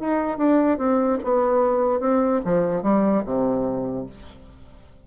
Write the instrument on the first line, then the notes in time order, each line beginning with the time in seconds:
bassoon
0.00 D#4
0.38 D4
0.78 C4
1.24 B3
2.00 C4
2.45 F3
2.82 G3
3.25 C3